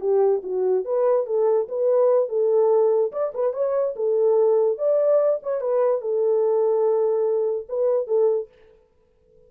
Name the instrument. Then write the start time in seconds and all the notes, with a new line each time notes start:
horn
0.00 G4
0.43 F#4
0.85 B4
1.26 A4
1.68 B4
2.28 A4
3.12 D5
3.34 B4
3.53 C#5
3.96 A4
4.78 D5
5.42 C#5
5.60 B4
6.01 A4
7.69 B4
8.07 A4